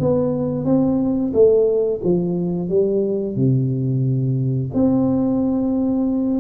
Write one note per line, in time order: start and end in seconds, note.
0.00 0.65 B3
0.65 1.32 C4
1.34 2.01 A3
2.04 2.69 F3
2.69 3.36 G3
3.36 4.71 C3
4.74 6.40 C4